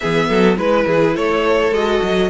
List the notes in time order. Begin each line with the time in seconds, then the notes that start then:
0.00 E3 B3 G#4 E5
0.28 F#3 A4
0.56 G#3 E4 B4
0.86 E3 G#4
1.15 A3 A4 C#5
1.71 G#3 F#4 D#5
2.02 F#3